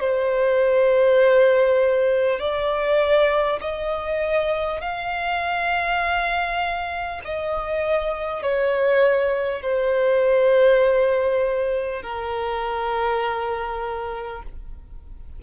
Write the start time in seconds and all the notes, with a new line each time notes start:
0.00 C5
2.39 D5
3.61 D#5
4.81 F5
7.24 D#5
8.42 C#5
9.62 C5
12.02 A#4